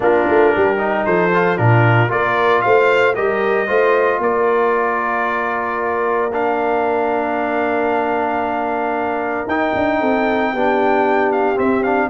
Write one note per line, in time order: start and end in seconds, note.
0.00 0.26 A#3
0.00 0.77 D4
0.00 0.54 F4
0.00 1.05 A#4
0.29 0.55 A3
0.54 1.06 G3
0.54 1.05 G4
0.77 1.30 D#4
1.05 1.58 F3
1.05 1.57 A4
1.05 1.57 C5
1.33 1.57 F4
1.57 2.10 A#2
1.57 2.08 D4
1.57 2.09 F4
1.57 2.10 A#4
2.08 2.62 A#3
2.08 3.14 F4
2.08 2.62 A#4
2.08 2.61 D5
2.61 3.16 A3
2.61 3.15 C5
2.61 3.14 F5
3.15 3.69 G3
3.15 3.67 G4
3.15 3.66 A#4
3.15 4.20 D#5
3.66 4.18 A3
3.66 6.30 F4
3.66 4.19 C5
4.18 9.44 A#3
4.18 9.99 A#4
4.18 6.33 D5
6.32 9.48 D4
6.32 9.48 F5
9.46 9.73 D#4
9.46 10.55 D#4
9.46 11.32 G5
9.75 10.01 D4
9.99 10.53 C4
9.99 10.52 A4
10.53 11.59 B3
10.53 11.55 D4
10.53 12.10 G4
11.32 11.58 F5
11.55 11.81 C4
11.55 12.10 C4
11.55 11.83 E5
11.83 12.10 D4
11.83 12.09 F5